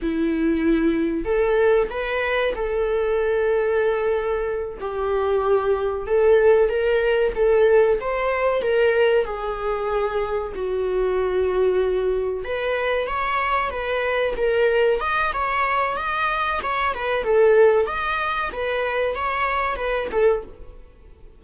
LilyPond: \new Staff \with { instrumentName = "viola" } { \time 4/4 \tempo 4 = 94 e'2 a'4 b'4 | a'2.~ a'8 g'8~ | g'4. a'4 ais'4 a'8~ | a'8 c''4 ais'4 gis'4.~ |
gis'8 fis'2. b'8~ | b'8 cis''4 b'4 ais'4 dis''8 | cis''4 dis''4 cis''8 b'8 a'4 | dis''4 b'4 cis''4 b'8 a'8 | }